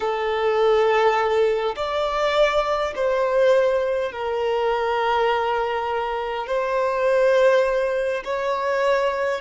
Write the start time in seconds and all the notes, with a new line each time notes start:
0.00 A4
1.76 D5
2.95 C5
4.11 A#4
6.46 C5
8.24 C#5